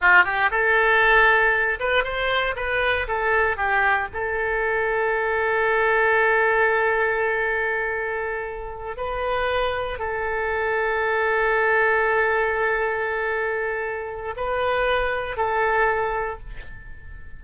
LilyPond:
\new Staff \with { instrumentName = "oboe" } { \time 4/4 \tempo 4 = 117 f'8 g'8 a'2~ a'8 b'8 | c''4 b'4 a'4 g'4 | a'1~ | a'1~ |
a'4. b'2 a'8~ | a'1~ | a'1 | b'2 a'2 | }